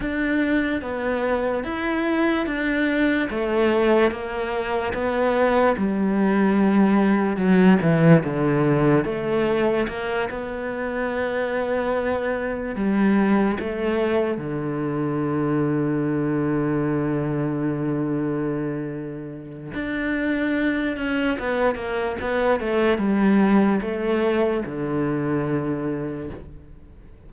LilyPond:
\new Staff \with { instrumentName = "cello" } { \time 4/4 \tempo 4 = 73 d'4 b4 e'4 d'4 | a4 ais4 b4 g4~ | g4 fis8 e8 d4 a4 | ais8 b2. g8~ |
g8 a4 d2~ d8~ | d1 | d'4. cis'8 b8 ais8 b8 a8 | g4 a4 d2 | }